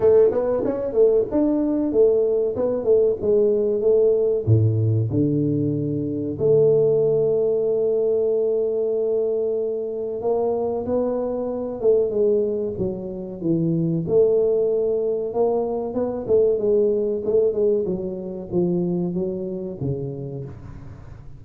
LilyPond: \new Staff \with { instrumentName = "tuba" } { \time 4/4 \tempo 4 = 94 a8 b8 cis'8 a8 d'4 a4 | b8 a8 gis4 a4 a,4 | d2 a2~ | a1 |
ais4 b4. a8 gis4 | fis4 e4 a2 | ais4 b8 a8 gis4 a8 gis8 | fis4 f4 fis4 cis4 | }